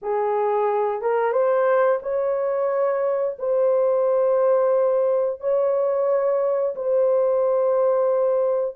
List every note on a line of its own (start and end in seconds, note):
0.02 1.01 G#4
1.01 1.32 A#4
1.32 1.99 C5
2.02 3.37 C#5
3.38 5.40 C5
5.40 6.75 C#5
6.75 8.75 C5